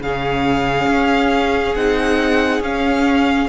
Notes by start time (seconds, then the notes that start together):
0.00 C#3 C#4 G#4 F5
0.88 C#4
1.75 C4 D#4 F#5
2.60 C#4 F5